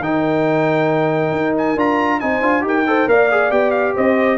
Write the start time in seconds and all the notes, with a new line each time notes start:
0.00 D#3 D#4 A#4 G5
1.32 D#4
1.58 G#5
1.76 D4 F4 A#5
2.20 C4 D#4 C5 G#5
2.41 D4 F4
2.62 D#4 G4 A#4
2.68 G5
2.87 A4 C5
3.07 A#3 A#4 D5 F5
3.32 G#4
3.51 B3 G4 G5
3.71 F5
3.95 C4 C5 D#5